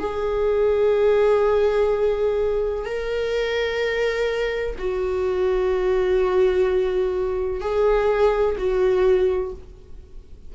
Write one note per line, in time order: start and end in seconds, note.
0.00 2.86 G#4
2.86 4.76 A#4
4.79 7.61 F#4
7.61 8.56 G#4
8.58 9.53 F#4